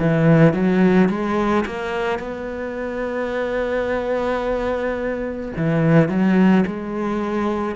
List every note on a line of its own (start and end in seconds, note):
0.00 0.54 E3
0.54 1.10 F#3
1.10 1.65 G#3
1.66 2.19 A#3
2.19 5.53 B3
5.57 6.09 E3
6.09 6.65 F#3
6.67 7.76 G#3